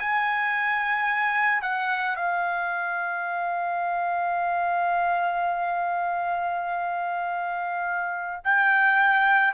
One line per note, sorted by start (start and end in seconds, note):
0.00 1.62 G#5
1.62 2.16 F#5
2.16 8.43 F5
8.44 9.54 G5